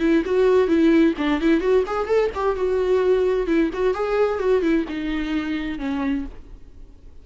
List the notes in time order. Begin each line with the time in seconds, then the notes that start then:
0.00 E4
0.26 F#4
0.68 E4
1.18 D4
1.41 E4
1.61 F#4
1.87 G#4
2.07 A4
2.35 G4
2.56 F#4
3.47 E4
3.73 F#4
3.94 G#4
4.39 F#4
4.62 E4
4.89 D#4
5.79 C#4